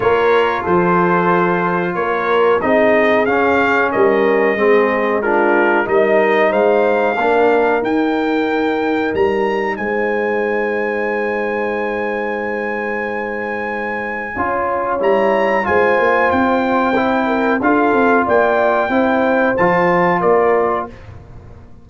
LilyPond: <<
  \new Staff \with { instrumentName = "trumpet" } { \time 4/4 \tempo 4 = 92 cis''4 c''2 cis''4 | dis''4 f''4 dis''2 | ais'4 dis''4 f''2 | g''2 ais''4 gis''4~ |
gis''1~ | gis''2. ais''4 | gis''4 g''2 f''4 | g''2 a''4 d''4 | }
  \new Staff \with { instrumentName = "horn" } { \time 4/4 ais'4 a'2 ais'4 | gis'2 ais'4 gis'4 | f'4 ais'4 c''4 ais'4~ | ais'2. c''4~ |
c''1~ | c''2 cis''2 | c''2~ c''8 ais'8 a'4 | d''4 c''2 ais'4 | }
  \new Staff \with { instrumentName = "trombone" } { \time 4/4 f'1 | dis'4 cis'2 c'4 | d'4 dis'2 d'4 | dis'1~ |
dis'1~ | dis'2 f'4 e'4 | f'2 e'4 f'4~ | f'4 e'4 f'2 | }
  \new Staff \with { instrumentName = "tuba" } { \time 4/4 ais4 f2 ais4 | c'4 cis'4 g4 gis4~ | gis4 g4 gis4 ais4 | dis'2 g4 gis4~ |
gis1~ | gis2 cis'4 g4 | gis8 ais8 c'2 d'8 c'8 | ais4 c'4 f4 ais4 | }
>>